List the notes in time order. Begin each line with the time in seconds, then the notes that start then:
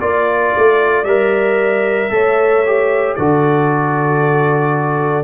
0.00 A#3 F4 D5
0.57 A3
1.04 G3 A#4 E5
2.11 A3 A4 C#5
2.66 G4
3.16 D3 F#4 A4 D5